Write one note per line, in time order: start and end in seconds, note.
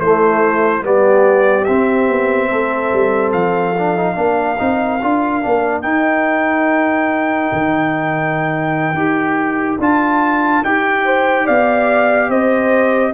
0.00 0.83 A3
0.00 0.85 E4
0.00 0.84 C5
0.83 1.66 G3
0.83 1.66 B3
0.83 2.50 G4
0.83 1.65 D5
1.65 3.75 C4
1.65 2.09 C4
1.65 3.32 E5
2.09 2.51 B3
2.50 2.92 A3
2.50 4.16 A4
2.93 3.33 G3
3.33 4.17 F3
3.33 5.82 F5
3.79 3.97 D4
3.97 4.15 D#4
4.15 4.59 A#3
4.15 4.57 D4
4.15 11.04 A#4
4.59 5.03 C4
4.59 5.00 D#4
5.02 5.44 D4
5.02 5.42 F4
5.42 5.83 A#3
5.42 5.83 D4
5.82 8.95 D#4
5.82 7.50 D#4
5.82 9.78 G5
7.53 8.93 D#3
8.93 9.77 D#4
8.93 9.79 G4
9.79 10.63 D4
9.79 10.64 F4
9.79 10.65 A5
10.64 11.47 D#4
10.64 13.14 G4
10.64 11.47 G5
11.05 11.45 C5
11.45 12.29 B3
11.45 12.29 D5
11.45 12.31 F5
12.29 13.13 C4
12.29 13.13 C5
12.29 13.14 D#5